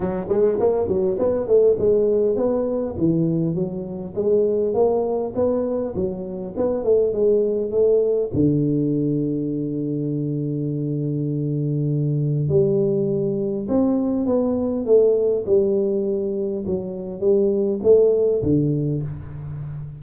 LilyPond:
\new Staff \with { instrumentName = "tuba" } { \time 4/4 \tempo 4 = 101 fis8 gis8 ais8 fis8 b8 a8 gis4 | b4 e4 fis4 gis4 | ais4 b4 fis4 b8 a8 | gis4 a4 d2~ |
d1~ | d4 g2 c'4 | b4 a4 g2 | fis4 g4 a4 d4 | }